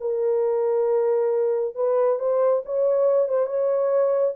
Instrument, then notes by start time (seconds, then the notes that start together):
horn
0.00 A#4
1.75 B4
2.19 C5
2.65 C#5
3.28 C5
3.46 C#5